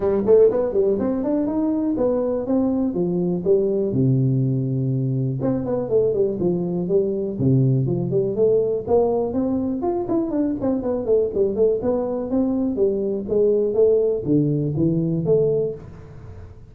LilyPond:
\new Staff \with { instrumentName = "tuba" } { \time 4/4 \tempo 4 = 122 g8 a8 b8 g8 c'8 d'8 dis'4 | b4 c'4 f4 g4 | c2. c'8 b8 | a8 g8 f4 g4 c4 |
f8 g8 a4 ais4 c'4 | f'8 e'8 d'8 c'8 b8 a8 g8 a8 | b4 c'4 g4 gis4 | a4 d4 e4 a4 | }